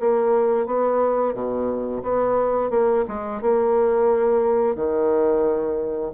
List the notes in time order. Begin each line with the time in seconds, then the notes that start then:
0.00 A#3
0.67 B3
1.34 B2
2.03 B3
2.71 A#3
3.08 G#3
3.42 A#3
4.75 D#3